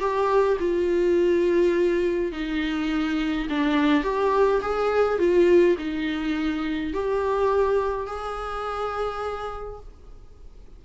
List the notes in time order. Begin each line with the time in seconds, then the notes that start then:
0.00 G4
0.60 F4
2.32 D#4
3.50 D4
4.04 G4
4.62 G#4
5.19 F4
5.78 D#4
6.94 G4
8.07 G#4